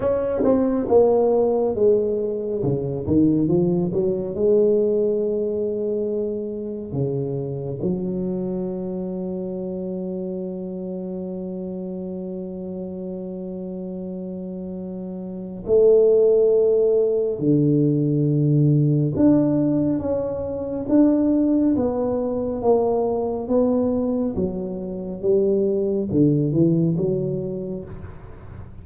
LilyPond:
\new Staff \with { instrumentName = "tuba" } { \time 4/4 \tempo 4 = 69 cis'8 c'8 ais4 gis4 cis8 dis8 | f8 fis8 gis2. | cis4 fis2.~ | fis1~ |
fis2 a2 | d2 d'4 cis'4 | d'4 b4 ais4 b4 | fis4 g4 d8 e8 fis4 | }